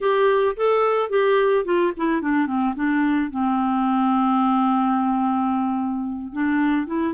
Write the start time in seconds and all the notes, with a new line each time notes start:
0.00 G4
0.56 A4
1.09 G4
1.64 F4
1.97 E4
2.21 D4
2.46 C4
2.75 D4
3.30 C4
6.32 D4
6.86 E4